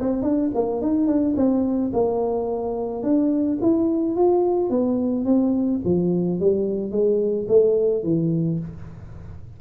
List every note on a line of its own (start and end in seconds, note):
0.00 0.22 C4
0.22 0.50 D4
0.54 0.81 A#3
0.81 1.07 D#4
1.07 1.34 D4
1.36 1.91 C4
1.92 3.03 A#3
3.03 3.58 D4
3.61 4.15 E4
4.15 4.69 F4
4.69 5.24 B3
5.24 5.80 C4
5.84 6.40 F3
6.40 6.91 G3
6.91 7.46 G#3
7.48 8.03 A3
8.03 8.59 E3